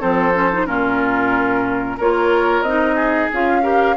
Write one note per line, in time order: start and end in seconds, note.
0.00 0.67 F3
0.00 0.33 C4
0.00 0.66 A4
0.00 0.67 C5
0.34 0.50 C#4
0.53 0.67 D#4
0.67 1.99 A#2
0.67 1.98 C#4
0.67 1.97 F4
0.67 1.98 A#4
1.97 2.62 A#3
1.97 2.67 F4
1.97 2.96 A#4
1.97 2.63 C#5
2.62 3.28 C4
2.62 3.33 D#4
2.62 3.29 D#5
2.96 3.62 G#4
3.33 3.97 C#4
3.33 3.63 F4
3.33 3.97 F5
3.63 3.96 G4
3.63 3.96 A#4